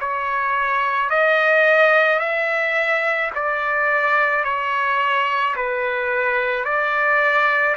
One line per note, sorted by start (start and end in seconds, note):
0.00 1.10 C#5
1.10 2.19 D#5
2.19 3.30 E5
3.35 4.44 D5
4.44 5.55 C#5
5.56 6.65 B4
6.65 7.76 D5